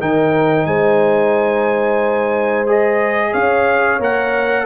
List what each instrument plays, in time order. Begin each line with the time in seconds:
0.00 tuba D#3, trombone D#4, horn A#4, trumpet G5
0.66 tuba G#3, horn C5, trumpet G#5
2.66 trombone G#4, trumpet D#5
3.32 tuba C#4, horn C#5, trumpet F5
3.99 tuba A#3, trombone A#4, trumpet F#5